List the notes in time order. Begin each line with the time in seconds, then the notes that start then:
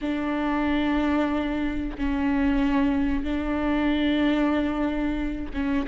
0.01 D4
1.97 C#4
3.23 D4
5.53 C#4